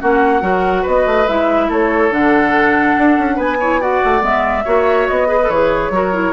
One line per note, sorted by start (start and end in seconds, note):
0.00 0.42 A#3
0.00 0.41 C#4
0.00 0.42 F#4
0.00 0.86 F#5
0.41 0.84 F#3
0.41 1.25 F#4
0.41 0.82 A#4
0.82 1.06 B3
0.82 1.67 B4
0.82 1.28 D#5
1.06 1.27 A3
1.28 1.69 G#3
1.28 2.11 E4
1.28 1.70 E5
1.68 2.10 A3
1.68 3.36 A4
1.68 2.13 C#5
2.10 2.95 D3
2.10 3.59 D4
2.10 3.40 F#5
2.98 3.18 D4
3.18 3.37 C#4
3.36 4.01 B3
3.36 3.57 B4
3.36 3.81 G#5
3.60 3.80 E4
3.60 3.80 C#5
3.80 4.20 F#4
3.80 4.65 D5
3.80 4.23 F#5
4.04 4.22 A3
4.20 4.64 G#3
4.20 4.62 B3
4.20 5.08 E5
4.65 5.09 A#3
4.65 5.27 F#4
4.65 5.28 C#5
5.08 5.49 B3
5.08 5.50 D#5
5.27 5.38 G#4
5.27 5.91 B4
5.42 5.53 A4
5.49 5.90 E3
5.49 5.93 G#4
5.49 6.33 C#5
5.90 6.32 F#3
5.90 6.13 F#4
5.90 6.33 A#4
6.13 6.33 E4